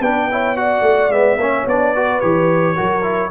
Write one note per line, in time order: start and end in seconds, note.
0.00 0.81 B3
0.00 0.30 D4
0.00 0.28 B4
0.00 0.57 G5
0.30 0.56 E4
0.30 0.58 C#5
0.56 1.11 F#4
0.56 1.40 D5
0.56 1.11 F#5
0.81 1.09 A3
1.09 1.36 G#3
1.09 1.39 B3
1.09 1.67 E5
1.36 1.64 A#3
1.36 1.68 C#4
1.36 1.94 C#5
1.66 2.21 B3
1.66 1.95 D4
1.66 2.20 D5
1.94 2.21 F#4
1.94 2.76 B4
2.20 2.78 E3
2.20 2.76 G4
2.20 3.30 C#5
2.76 3.30 F#3
2.76 3.03 F#4
2.76 3.30 A#4
3.03 3.30 E4